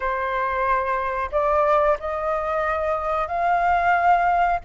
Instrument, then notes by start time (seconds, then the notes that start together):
flute
0.00 C5
1.31 D5
1.99 D#5
3.27 F5